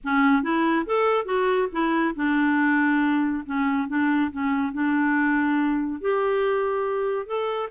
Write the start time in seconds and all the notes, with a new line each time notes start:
0.04 C#4
0.42 E4
0.86 A4
1.25 F#4
1.72 E4
2.15 D4
3.45 C#4
3.88 D4
4.31 C#4
4.72 D4
6.00 G4
7.26 A4